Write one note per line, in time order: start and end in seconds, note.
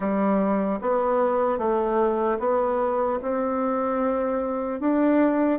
0.00 0.79 G3
0.81 1.58 B3
1.58 2.38 A3
2.39 3.19 B3
3.21 4.80 C4
4.80 5.59 D4